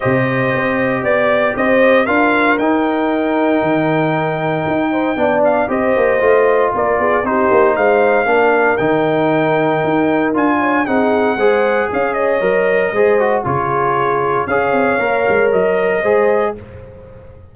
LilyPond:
<<
  \new Staff \with { instrumentName = "trumpet" } { \time 4/4 \tempo 4 = 116 dis''2 d''4 dis''4 | f''4 g''2.~ | g''2~ g''8 f''8 dis''4~ | dis''4 d''4 c''4 f''4~ |
f''4 g''2. | gis''4 fis''2 f''8 dis''8~ | dis''2 cis''2 | f''2 dis''2 | }
  \new Staff \with { instrumentName = "horn" } { \time 4/4 c''2 d''4 c''4 | ais'1~ | ais'4. c''8 d''4 c''4~ | c''4 ais'8 gis'8 g'4 c''4 |
ais'1~ | ais'8 cis''8 gis'4 c''4 cis''4~ | cis''4 c''4 gis'2 | cis''2. c''4 | }
  \new Staff \with { instrumentName = "trombone" } { \time 4/4 g'1 | f'4 dis'2.~ | dis'2 d'4 g'4 | f'2 dis'2 |
d'4 dis'2. | f'4 dis'4 gis'2 | ais'4 gis'8 fis'8 f'2 | gis'4 ais'2 gis'4 | }
  \new Staff \with { instrumentName = "tuba" } { \time 4/4 c4 c'4 b4 c'4 | d'4 dis'2 dis4~ | dis4 dis'4 b4 c'8 ais8 | a4 ais8 b8 c'8 ais8 gis4 |
ais4 dis2 dis'4 | d'4 c'4 gis4 cis'4 | fis4 gis4 cis2 | cis'8 c'8 ais8 gis8 fis4 gis4 | }
>>